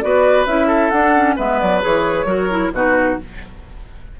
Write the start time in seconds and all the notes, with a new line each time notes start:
0.00 B3 F#4 B4 D5
0.46 C#4 E4 E5
0.67 A4
0.90 D4 F#5
1.16 C#4
1.36 G#3 B3 B4 E5
1.60 F#3 D5
1.81 E3 G#4 C#5
2.25 F#3 F#4 A#4
2.50 E4
2.72 B2 D#4 F#4 B4